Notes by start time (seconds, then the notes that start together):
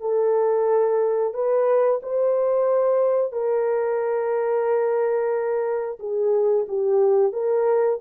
0.00 A4
1.33 B4
2.02 C5
3.32 A#4
5.99 G#4
6.68 G4
7.32 A#4